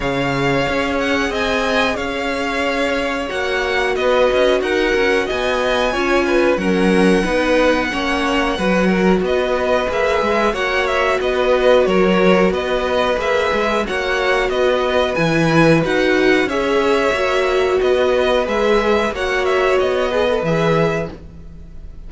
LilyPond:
<<
  \new Staff \with { instrumentName = "violin" } { \time 4/4 \tempo 4 = 91 f''4. fis''8 gis''4 f''4~ | f''4 fis''4 dis''4 fis''4 | gis''2 fis''2~ | fis''2 dis''4 e''4 |
fis''8 e''8 dis''4 cis''4 dis''4 | e''4 fis''4 dis''4 gis''4 | fis''4 e''2 dis''4 | e''4 fis''8 e''8 dis''4 e''4 | }
  \new Staff \with { instrumentName = "violin" } { \time 4/4 cis''2 dis''4 cis''4~ | cis''2 b'4 ais'4 | dis''4 cis''8 b'8 ais'4 b'4 | cis''4 b'8 ais'8 b'2 |
cis''4 b'4 ais'4 b'4~ | b'4 cis''4 b'2~ | b'4 cis''2 b'4~ | b'4 cis''4. b'4. | }
  \new Staff \with { instrumentName = "viola" } { \time 4/4 gis'1~ | gis'4 fis'2.~ | fis'4 f'4 cis'4 dis'4 | cis'4 fis'2 gis'4 |
fis'1 | gis'4 fis'2 e'4 | fis'4 gis'4 fis'2 | gis'4 fis'4. gis'16 a'16 gis'4 | }
  \new Staff \with { instrumentName = "cello" } { \time 4/4 cis4 cis'4 c'4 cis'4~ | cis'4 ais4 b8 cis'8 dis'8 cis'8 | b4 cis'4 fis4 b4 | ais4 fis4 b4 ais8 gis8 |
ais4 b4 fis4 b4 | ais8 gis8 ais4 b4 e4 | dis'4 cis'4 ais4 b4 | gis4 ais4 b4 e4 | }
>>